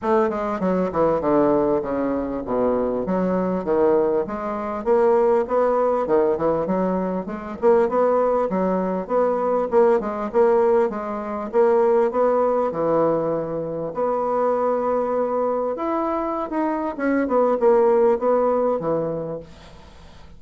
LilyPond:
\new Staff \with { instrumentName = "bassoon" } { \time 4/4 \tempo 4 = 99 a8 gis8 fis8 e8 d4 cis4 | b,4 fis4 dis4 gis4 | ais4 b4 dis8 e8 fis4 | gis8 ais8 b4 fis4 b4 |
ais8 gis8 ais4 gis4 ais4 | b4 e2 b4~ | b2 e'4~ e'16 dis'8. | cis'8 b8 ais4 b4 e4 | }